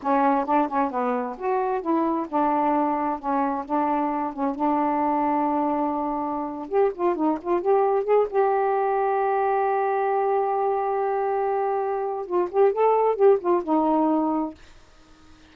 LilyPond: \new Staff \with { instrumentName = "saxophone" } { \time 4/4 \tempo 4 = 132 cis'4 d'8 cis'8 b4 fis'4 | e'4 d'2 cis'4 | d'4. cis'8 d'2~ | d'2~ d'8. g'8 f'8 dis'16~ |
dis'16 f'8 g'4 gis'8 g'4.~ g'16~ | g'1~ | g'2. f'8 g'8 | a'4 g'8 f'8 dis'2 | }